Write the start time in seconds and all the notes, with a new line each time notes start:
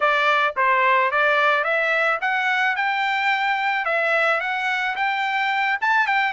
0.00 D5
0.56 C5
1.11 D5
1.64 E5
2.21 F#5
2.75 G5
3.85 E5
4.40 F#5
4.95 G5
5.81 A5
6.07 G5